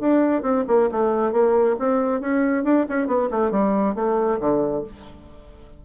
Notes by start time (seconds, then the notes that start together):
0.00 D4
0.42 C4
0.67 A#3
0.91 A3
1.32 A#3
1.79 C4
2.21 C#4
2.64 D4
2.89 C#4
3.07 B3
3.30 A3
3.51 G3
3.95 A3
4.40 D3